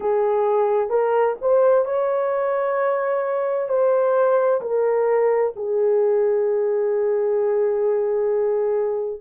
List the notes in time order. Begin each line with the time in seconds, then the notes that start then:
0.00 G#4
0.89 A#4
1.41 C5
1.85 C#5
3.68 C5
4.61 A#4
5.56 G#4